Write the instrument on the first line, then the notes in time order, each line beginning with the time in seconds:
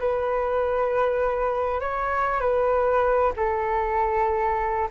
flute
0.00 B4
1.81 C#5
2.41 B4
3.36 A4